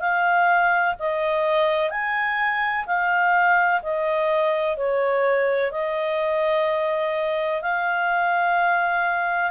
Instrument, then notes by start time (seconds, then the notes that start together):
clarinet
0.00 F5
0.99 D#5
1.90 G#5
2.87 F5
3.83 D#5
4.77 C#5
5.72 D#5
7.62 F5